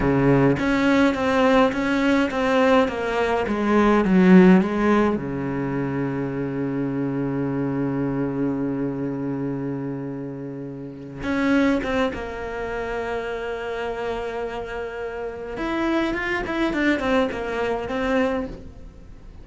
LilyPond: \new Staff \with { instrumentName = "cello" } { \time 4/4 \tempo 4 = 104 cis4 cis'4 c'4 cis'4 | c'4 ais4 gis4 fis4 | gis4 cis2.~ | cis1~ |
cis2.~ cis8 cis'8~ | cis'8 c'8 ais2.~ | ais2. e'4 | f'8 e'8 d'8 c'8 ais4 c'4 | }